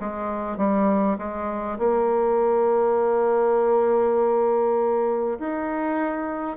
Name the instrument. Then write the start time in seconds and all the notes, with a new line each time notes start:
bassoon
0.00 G#3
0.57 G3
1.18 G#3
1.78 A#3
5.39 D#4